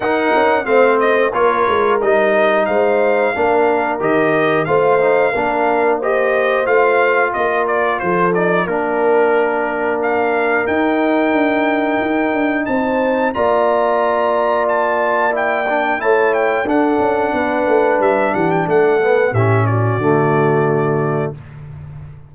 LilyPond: <<
  \new Staff \with { instrumentName = "trumpet" } { \time 4/4 \tempo 4 = 90 fis''4 f''8 dis''8 cis''4 dis''4 | f''2 dis''4 f''4~ | f''4 dis''4 f''4 dis''8 d''8 | c''8 d''8 ais'2 f''4 |
g''2. a''4 | ais''2 a''4 g''4 | a''8 g''8 fis''2 e''8 fis''16 g''16 | fis''4 e''8 d''2~ d''8 | }
  \new Staff \with { instrumentName = "horn" } { \time 4/4 ais'4 c''4 ais'2 | c''4 ais'2 c''4 | ais'4 c''2 ais'4 | a'4 ais'2.~ |
ais'2. c''4 | d''1 | cis''4 a'4 b'4. g'8 | a'4 g'8 fis'2~ fis'8 | }
  \new Staff \with { instrumentName = "trombone" } { \time 4/4 dis'4 c'4 f'4 dis'4~ | dis'4 d'4 g'4 f'8 dis'8 | d'4 g'4 f'2~ | f'8 dis'8 d'2. |
dis'1 | f'2. e'8 d'8 | e'4 d'2.~ | d'8 b8 cis'4 a2 | }
  \new Staff \with { instrumentName = "tuba" } { \time 4/4 dis'8 cis'8 a4 ais8 gis8 g4 | gis4 ais4 dis4 a4 | ais2 a4 ais4 | f4 ais2. |
dis'4 d'4 dis'8 d'8 c'4 | ais1 | a4 d'8 cis'8 b8 a8 g8 e8 | a4 a,4 d2 | }
>>